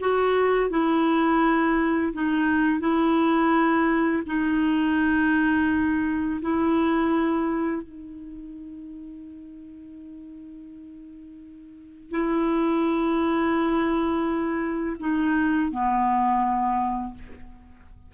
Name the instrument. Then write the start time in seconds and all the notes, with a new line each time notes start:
clarinet
0.00 F#4
0.70 E4
2.13 D#4
2.80 E4
4.26 D#4
6.42 E4
7.82 D#4
12.11 E4
15.00 D#4
15.71 B3